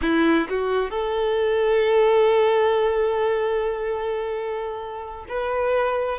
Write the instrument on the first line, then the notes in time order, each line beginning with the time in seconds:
violin
0.01 E4
0.49 F#4
0.90 A4
5.28 B4